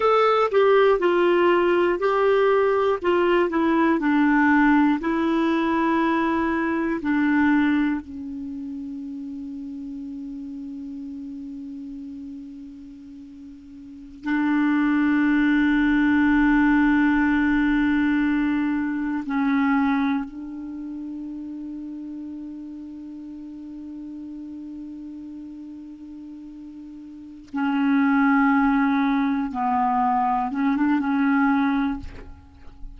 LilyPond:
\new Staff \with { instrumentName = "clarinet" } { \time 4/4 \tempo 4 = 60 a'8 g'8 f'4 g'4 f'8 e'8 | d'4 e'2 d'4 | cis'1~ | cis'2~ cis'16 d'4.~ d'16~ |
d'2.~ d'16 cis'8.~ | cis'16 d'2.~ d'8.~ | d'2.~ d'8 cis'8~ | cis'4. b4 cis'16 d'16 cis'4 | }